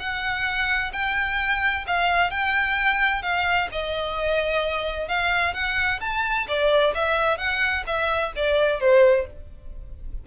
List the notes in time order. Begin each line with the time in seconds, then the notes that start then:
0.00 F#5
0.93 G5
1.87 F5
2.31 G5
3.23 F5
3.72 D#5
5.09 F5
5.54 F#5
6.01 A5
6.48 D5
6.95 E5
7.38 F#5
7.87 E5
8.36 D5
8.81 C5